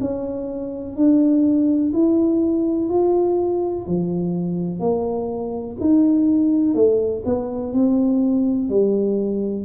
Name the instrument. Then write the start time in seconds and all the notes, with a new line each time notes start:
tuba
0.00 C#4
0.96 D4
1.93 E4
2.89 F4
3.87 F3
4.79 A#3
5.80 D#4
6.74 A3
7.25 B3
7.73 C4
8.69 G3